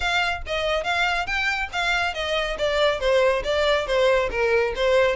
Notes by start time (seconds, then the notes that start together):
0.00 F5
0.46 D#5
0.83 F5
1.26 G5
1.72 F5
2.14 D#5
2.58 D5
3.00 C5
3.44 D5
3.86 C5
4.31 A#4
4.75 C5